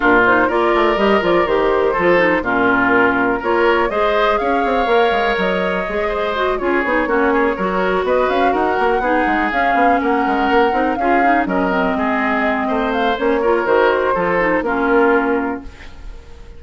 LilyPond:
<<
  \new Staff \with { instrumentName = "flute" } { \time 4/4 \tempo 4 = 123 ais'8 c''8 d''4 dis''8 d''8 c''4~ | c''4 ais'2 cis''4 | dis''4 f''2 dis''4~ | dis''4. cis''2~ cis''8~ |
cis''8 dis''8 f''8 fis''2 f''8~ | f''8 fis''2 f''4 dis''8~ | dis''2~ dis''8 f''8 cis''4 | c''2 ais'2 | }
  \new Staff \with { instrumentName = "oboe" } { \time 4/4 f'4 ais'2. | a'4 f'2 ais'4 | c''4 cis''2.~ | cis''8 c''4 gis'4 fis'8 gis'8 ais'8~ |
ais'8 b'4 ais'4 gis'4.~ | gis'8 ais'2 gis'4 ais'8~ | ais'8 gis'4. c''4. ais'8~ | ais'4 a'4 f'2 | }
  \new Staff \with { instrumentName = "clarinet" } { \time 4/4 d'8 dis'8 f'4 g'8 f'8 g'4 | f'8 dis'8 cis'2 f'4 | gis'2 ais'2 | gis'4 fis'8 f'8 dis'8 cis'4 fis'8~ |
fis'2~ fis'8 dis'4 cis'8~ | cis'2 dis'8 f'8 dis'8 cis'8 | c'2. cis'8 f'8 | fis'4 f'8 dis'8 cis'2 | }
  \new Staff \with { instrumentName = "bassoon" } { \time 4/4 ais,4 ais8 a8 g8 f8 dis4 | f4 ais,2 ais4 | gis4 cis'8 c'8 ais8 gis8 fis4 | gis4. cis'8 b8 ais4 fis8~ |
fis8 b8 cis'8 dis'8 ais8 b8 gis8 cis'8 | b8 ais8 gis8 ais8 c'8 cis'4 fis8~ | fis8 gis4. a4 ais4 | dis4 f4 ais2 | }
>>